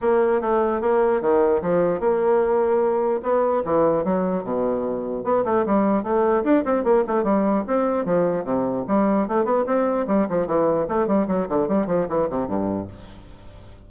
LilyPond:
\new Staff \with { instrumentName = "bassoon" } { \time 4/4 \tempo 4 = 149 ais4 a4 ais4 dis4 | f4 ais2. | b4 e4 fis4 b,4~ | b,4 b8 a8 g4 a4 |
d'8 c'8 ais8 a8 g4 c'4 | f4 c4 g4 a8 b8 | c'4 g8 f8 e4 a8 g8 | fis8 d8 g8 f8 e8 c8 g,4 | }